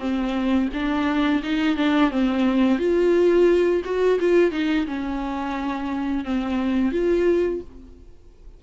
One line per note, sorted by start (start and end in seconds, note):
0.00 0.69 C4
0.74 1.43 D4
1.44 1.77 D#4
1.77 2.11 D4
2.11 2.79 C4
2.79 3.82 F4
3.85 4.19 F#4
4.20 4.52 F4
4.52 4.87 D#4
4.87 6.25 C#4
6.25 6.92 C4
6.92 7.61 F4